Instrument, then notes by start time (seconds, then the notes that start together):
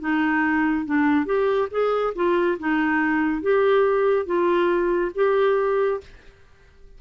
clarinet
0.00 D#4
0.86 D4
1.26 G4
1.71 G#4
2.15 F4
2.59 D#4
3.42 G4
4.26 F4
5.15 G4